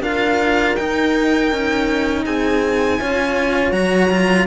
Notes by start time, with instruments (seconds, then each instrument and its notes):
0.00 cello D4 F4, horn A#4, violin F5
0.76 cello D#4, violin G5
1.52 cello C#4
2.25 cello C4, horn G#4, violin G#5
2.99 cello C#4 F4, horn C#5
3.72 cello F#3 F#4, violin A#5
4.11 cello F4